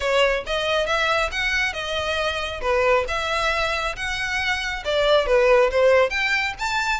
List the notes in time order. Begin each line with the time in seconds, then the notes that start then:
0.00 C#5
0.46 D#5
0.86 E5
1.31 F#5
1.73 D#5
2.61 B4
3.08 E5
3.96 F#5
4.84 D5
5.26 B4
5.71 C5
6.10 G5
6.59 A5